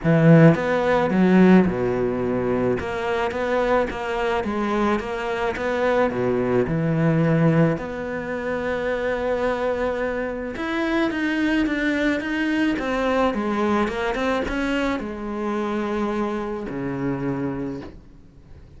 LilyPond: \new Staff \with { instrumentName = "cello" } { \time 4/4 \tempo 4 = 108 e4 b4 fis4 b,4~ | b,4 ais4 b4 ais4 | gis4 ais4 b4 b,4 | e2 b2~ |
b2. e'4 | dis'4 d'4 dis'4 c'4 | gis4 ais8 c'8 cis'4 gis4~ | gis2 cis2 | }